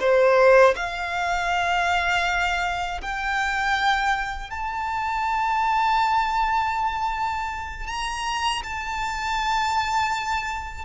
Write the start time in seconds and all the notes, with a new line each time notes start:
0.00 C5
0.76 F5
3.02 G5
4.50 A5
7.87 A#5
8.64 A5